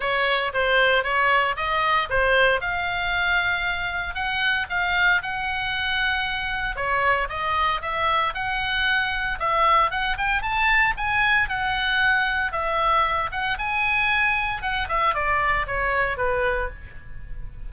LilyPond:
\new Staff \with { instrumentName = "oboe" } { \time 4/4 \tempo 4 = 115 cis''4 c''4 cis''4 dis''4 | c''4 f''2. | fis''4 f''4 fis''2~ | fis''4 cis''4 dis''4 e''4 |
fis''2 e''4 fis''8 g''8 | a''4 gis''4 fis''2 | e''4. fis''8 gis''2 | fis''8 e''8 d''4 cis''4 b'4 | }